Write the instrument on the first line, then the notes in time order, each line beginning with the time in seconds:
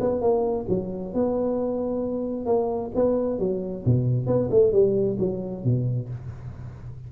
tuba
0.00 B3
0.21 A#3
0.68 F#3
1.14 B3
2.46 A#3
2.95 B3
3.39 F#3
3.85 B2
4.26 B3
4.50 A3
4.72 G3
5.19 F#3
5.64 B2